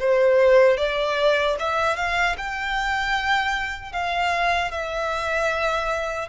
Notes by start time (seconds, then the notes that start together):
0.00 C5
0.78 D5
1.60 E5
1.97 F5
2.38 G5
3.93 F5
4.72 E5